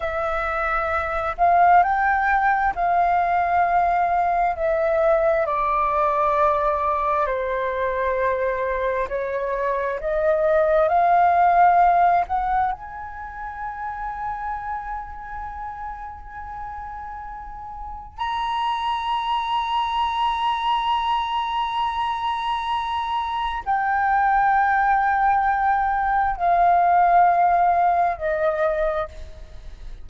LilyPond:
\new Staff \with { instrumentName = "flute" } { \time 4/4 \tempo 4 = 66 e''4. f''8 g''4 f''4~ | f''4 e''4 d''2 | c''2 cis''4 dis''4 | f''4. fis''8 gis''2~ |
gis''1 | ais''1~ | ais''2 g''2~ | g''4 f''2 dis''4 | }